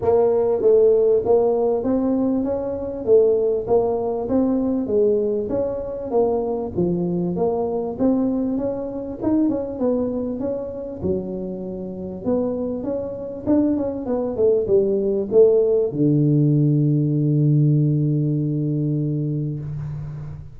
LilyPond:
\new Staff \with { instrumentName = "tuba" } { \time 4/4 \tempo 4 = 98 ais4 a4 ais4 c'4 | cis'4 a4 ais4 c'4 | gis4 cis'4 ais4 f4 | ais4 c'4 cis'4 dis'8 cis'8 |
b4 cis'4 fis2 | b4 cis'4 d'8 cis'8 b8 a8 | g4 a4 d2~ | d1 | }